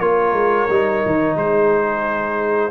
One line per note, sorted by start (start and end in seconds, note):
0.00 0.33 A#3
0.00 0.69 F4
0.00 1.37 A#4
0.00 1.36 C#5
0.33 0.67 G#3
0.69 1.03 G3
0.69 2.71 D#4
1.06 1.36 D#3
1.36 2.71 G#3
1.36 2.71 G#4
1.36 2.71 C5